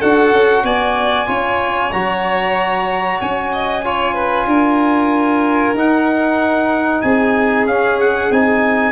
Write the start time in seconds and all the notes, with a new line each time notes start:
0.00 D4 F#4 A4 F#5
0.32 C#4
0.64 B3 D5 G#5
1.27 C#4 F4 C#5
1.93 F#3 F#4 A#5
3.22 C#4 G#5
3.53 D#5
3.85 F4 C#5
4.15 B4
4.47 D4 A#4
5.75 D#4 F#5
7.02 C4 G#4 G#5
7.66 C#4 F5
8.01 F#5
8.31 C4 D#4 G#5